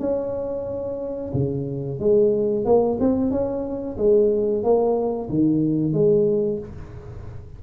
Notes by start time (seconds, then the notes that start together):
0.00 C#4
1.34 C#3
2.00 G#3
2.65 A#3
3.00 C4
3.31 C#4
3.97 G#3
4.63 A#3
5.30 D#3
5.93 G#3